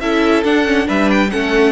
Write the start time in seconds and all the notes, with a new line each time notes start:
0.00 C#4 E4 A4 E5
0.44 D4 F#5
0.65 C#4
0.85 G3 D4 B4 E5
1.11 G5
1.31 A3 C#4 A4 F#5